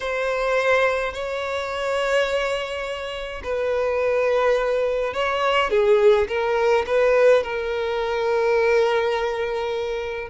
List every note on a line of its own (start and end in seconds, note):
0.00 1.13 C5
1.13 3.42 C#5
3.43 5.13 B4
5.13 5.70 C#5
5.70 6.27 G#4
6.28 6.85 A#4
6.86 7.43 B4
7.43 10.29 A#4